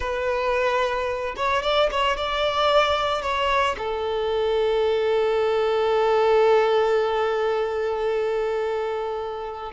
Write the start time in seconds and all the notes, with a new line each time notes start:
0.00 B4
1.36 C#5
1.62 D5
1.91 C#5
2.16 D5
3.22 C#5
3.77 A4